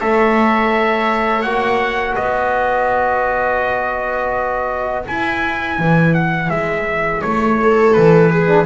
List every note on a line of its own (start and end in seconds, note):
0.00 1.44 A3
0.00 1.45 A4
0.00 2.15 C#5
0.00 1.42 E5
1.42 2.16 A#3
1.42 5.04 F#4
1.42 2.14 F#5
2.15 5.06 B3
2.15 7.57 B4
2.15 5.05 D#5
5.04 8.47 E4
5.04 5.79 E4
5.04 6.14 G#5
5.79 6.51 E3
6.14 6.50 F#5
6.50 7.23 G#3
6.50 7.22 E5
7.22 7.97 A3
7.22 7.94 C#5
7.61 8.31 A4
7.94 8.66 E3
7.94 8.66 B4
8.31 8.66 G#4
8.47 8.65 D4